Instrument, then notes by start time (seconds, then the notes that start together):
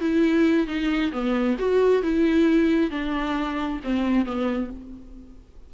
viola
0.00 E4
0.67 D#4
1.12 B3
1.59 F#4
2.02 E4
2.90 D4
3.83 C4
4.25 B3